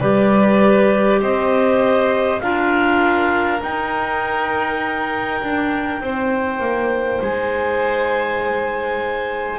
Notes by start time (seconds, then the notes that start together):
0.00 G3 G4 B4 D5
1.21 C4 C5 D#5
2.40 D4 F4 A#4 F5
3.58 D#4 G5
5.42 D4
6.00 C4 C5
6.60 A#3
7.21 G#3 G#5